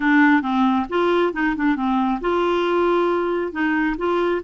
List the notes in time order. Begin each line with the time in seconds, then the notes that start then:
0.00 D4
0.42 C4
0.89 F4
1.33 D#4
1.56 D4
1.75 C4
2.21 F4
3.52 D#4
3.97 F4